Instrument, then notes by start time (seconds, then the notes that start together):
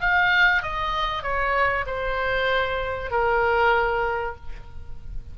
oboe
0.00 F5
0.62 D#5
1.22 C#5
1.86 C5
3.11 A#4